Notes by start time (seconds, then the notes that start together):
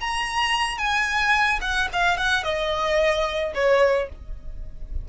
0.00 A#5
0.78 G#5
1.61 F#5
1.92 F5
2.17 F#5
2.43 D#5
3.54 C#5